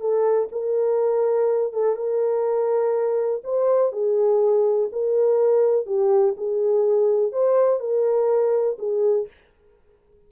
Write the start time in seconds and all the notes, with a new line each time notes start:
0.00 A4
0.52 A#4
1.73 A4
1.96 A#4
3.44 C5
3.92 G#4
4.92 A#4
5.86 G4
6.37 G#4
7.32 C5
7.80 A#4
8.79 G#4